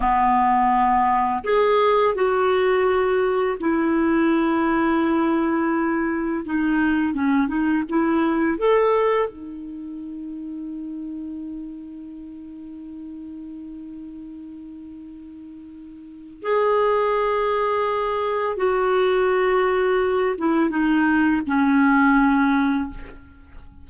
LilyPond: \new Staff \with { instrumentName = "clarinet" } { \time 4/4 \tempo 4 = 84 b2 gis'4 fis'4~ | fis'4 e'2.~ | e'4 dis'4 cis'8 dis'8 e'4 | a'4 dis'2.~ |
dis'1~ | dis'2. gis'4~ | gis'2 fis'2~ | fis'8 e'8 dis'4 cis'2 | }